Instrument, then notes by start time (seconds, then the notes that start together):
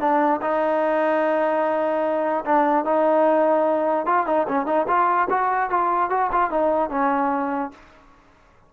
trombone
0.00 D4
0.42 D#4
2.45 D4
2.85 D#4
4.06 F4
4.26 D#4
4.48 C#4
4.66 D#4
4.87 F4
5.30 F#4
5.70 F4
6.10 F#4
6.32 F4
6.51 D#4
6.90 C#4